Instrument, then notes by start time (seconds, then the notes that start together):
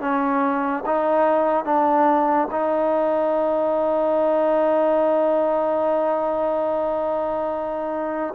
trombone
0.00 C#4
0.86 D#4
1.64 D4
2.51 D#4